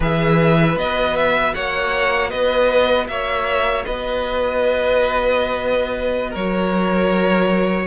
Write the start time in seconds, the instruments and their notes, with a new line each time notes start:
0.00 cello E3, viola G#4, violin B4 E5
0.74 cello B3, viola F#4, violin D#5
1.16 violin E5
1.54 cello A#3, violin C#5 F#5
2.29 cello B3, violin B4 D#5
3.07 cello A#3, violin C#5 E5
3.85 cello B3, violin B4 D#5
6.30 cello F#3, violin A#4 C#5